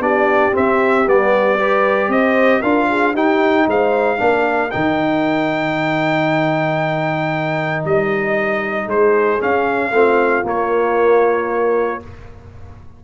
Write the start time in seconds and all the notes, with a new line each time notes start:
0.00 B3 D4 G4 D5
0.52 C4 E5
1.07 G3 B3 D5
1.59 G4 B4
2.09 C4 C5 D#5
2.61 D4 F4 A#4 F5
2.90 G#4
3.14 D#4 G4 G5
3.67 G#3 C5 F5
4.18 A#3 D4 A#4
4.71 D#3 D#4 G5
7.85 G3 D#5
8.86 G#3 G#4 C5
9.40 C#4 F5
9.92 A3 C4 F4
10.44 A#3 C#5